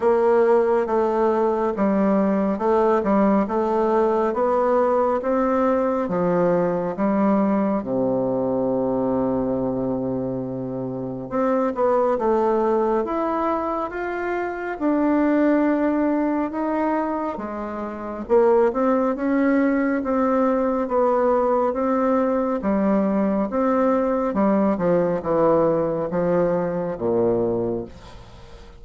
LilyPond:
\new Staff \with { instrumentName = "bassoon" } { \time 4/4 \tempo 4 = 69 ais4 a4 g4 a8 g8 | a4 b4 c'4 f4 | g4 c2.~ | c4 c'8 b8 a4 e'4 |
f'4 d'2 dis'4 | gis4 ais8 c'8 cis'4 c'4 | b4 c'4 g4 c'4 | g8 f8 e4 f4 ais,4 | }